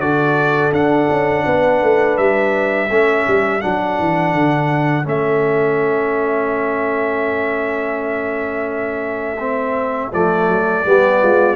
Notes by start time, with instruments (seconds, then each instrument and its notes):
0.00 tuba D3, trombone F#4, horn A4, trumpet D5
0.72 tuba D4, trombone D4, trumpet F#5
1.10 tuba C#4
1.46 tuba B3, horn B4
1.83 tuba A3
2.18 tuba G3, trumpet E5
2.90 tuba A3, trombone C#4, horn A4
3.28 tuba G3
3.61 tuba F#3, trombone D4, trumpet F#5
4.00 tuba E3
4.34 tuba D3
5.04 tuba A3, trombone C#4, trumpet E5
9.40 trombone C4
10.14 tuba F3, trombone A3, trumpet D5
10.49 tuba F#3
10.86 tuba G3, trombone B3, horn G4
11.22 tuba G#3, horn F4